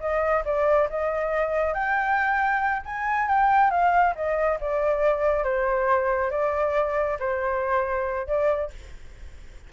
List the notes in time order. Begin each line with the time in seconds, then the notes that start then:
0.00 D#5
0.45 D5
0.90 D#5
1.74 G5
2.85 G#5
3.28 G5
3.71 F5
4.15 D#5
4.60 D5
5.44 C5
6.31 D5
7.19 C5
8.27 D5